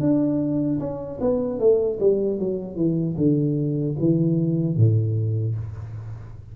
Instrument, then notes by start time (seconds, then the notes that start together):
tuba
0.00 D4
0.80 C#4
1.20 B3
1.59 A3
2.00 G3
2.39 F#3
2.76 E3
3.17 D3
3.99 E3
4.76 A2